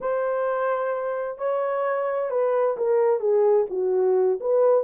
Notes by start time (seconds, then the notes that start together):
0.01 C5
1.38 C#5
2.30 B4
2.77 A#4
3.20 G#4
3.69 F#4
4.40 B4